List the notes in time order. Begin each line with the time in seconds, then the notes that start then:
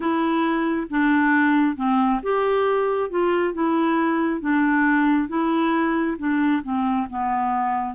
0.00 E4
0.89 D4
1.76 C4
2.23 G4
3.10 F4
3.53 E4
4.40 D4
5.28 E4
6.18 D4
6.63 C4
7.09 B3